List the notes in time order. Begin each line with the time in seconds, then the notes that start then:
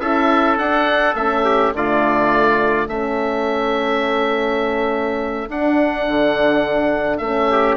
0.00 C#4 E4 A4 E5
0.57 D4 F#5
1.15 A3 C#4 E5
1.44 G4
1.73 D3 A3 F4 D5
2.88 A3 C#4 A4 E5
5.49 D4 F#5
6.07 D3
7.18 A3 C#4 E5
7.50 G4